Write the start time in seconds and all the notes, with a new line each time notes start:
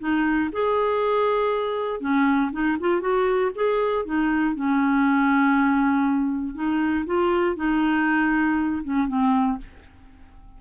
0.00 D#4
0.53 G#4
2.01 C#4
2.52 D#4
2.80 F4
3.01 F#4
3.56 G#4
4.05 D#4
4.56 C#4
6.55 D#4
7.06 F4
7.57 D#4
8.84 C#4
9.08 C4